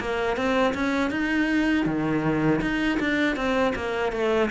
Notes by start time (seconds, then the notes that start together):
0.00 A#3
0.36 C4
0.74 C#4
1.10 D#4
1.85 D#3
2.61 D#4
3.00 D4
3.36 C4
3.75 A#3
4.12 A3